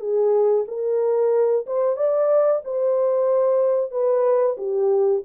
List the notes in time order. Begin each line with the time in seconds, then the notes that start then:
0.00 G#4
0.68 A#4
1.66 C5
1.96 D5
2.64 C5
3.91 B4
4.57 G4